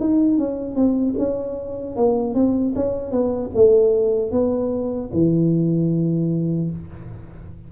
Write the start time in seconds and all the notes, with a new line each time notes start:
0.00 D#4
0.38 C#4
0.76 C4
1.18 C#4
1.96 A#3
2.35 C4
2.76 C#4
3.11 B3
3.55 A3
4.32 B3
5.13 E3